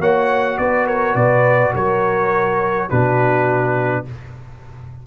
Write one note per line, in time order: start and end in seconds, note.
0.00 0.58 A#3
0.00 2.89 F#4
0.00 0.58 C#5
0.00 0.58 F#5
0.58 1.15 B3
0.58 0.87 B4
0.58 0.87 D5
0.87 1.15 A#4
0.87 1.16 C#5
1.15 1.72 B2
1.15 1.73 B4
1.15 1.73 D5
1.73 2.90 F#3
1.73 2.88 A#4
1.73 2.90 C#5
2.89 4.06 B2
2.89 4.05 D4
2.89 4.04 F#4
2.89 4.05 B4